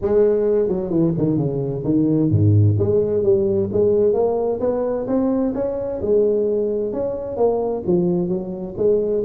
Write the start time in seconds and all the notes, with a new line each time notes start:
0.01 G#3
0.68 F#3
0.90 E3
1.17 D#3
1.37 C#3
1.84 D#3
2.30 G#2
2.79 G#3
3.23 G3
3.72 G#3
4.13 A#3
4.60 B3
5.07 C4
5.54 C#4
6.01 G#3
6.93 C#4
7.36 A#3
7.86 F3
8.28 F#3
8.77 G#3